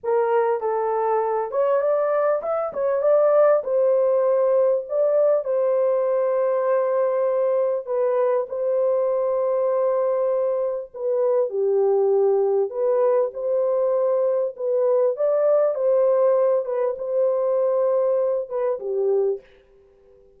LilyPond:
\new Staff \with { instrumentName = "horn" } { \time 4/4 \tempo 4 = 99 ais'4 a'4. cis''8 d''4 | e''8 cis''8 d''4 c''2 | d''4 c''2.~ | c''4 b'4 c''2~ |
c''2 b'4 g'4~ | g'4 b'4 c''2 | b'4 d''4 c''4. b'8 | c''2~ c''8 b'8 g'4 | }